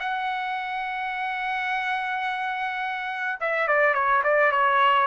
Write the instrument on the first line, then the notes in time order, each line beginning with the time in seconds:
trumpet
0.00 F#5
3.41 E5
3.68 D5
3.94 C#5
4.24 D5
4.52 C#5